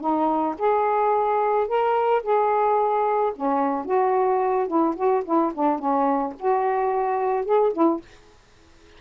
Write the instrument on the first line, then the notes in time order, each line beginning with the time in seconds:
saxophone
0.00 D#4
0.58 G#4
1.67 A#4
2.22 G#4
3.35 C#4
3.85 F#4
4.67 E4
4.96 F#4
5.25 E4
5.54 D4
5.78 C#4
6.39 F#4
7.45 G#4
7.73 E4